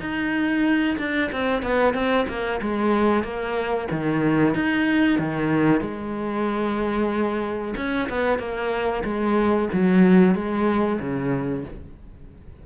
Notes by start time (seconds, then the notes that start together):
0.00 D#4
0.99 D4
1.32 C4
1.63 B3
1.94 C4
2.28 A#3
2.62 G#3
3.24 A#3
3.91 D#3
4.55 D#4
5.19 D#3
5.81 G#3
7.77 C#4
8.09 B3
8.39 A#3
9.04 G#3
9.73 F#3
10.35 G#3
11.00 C#3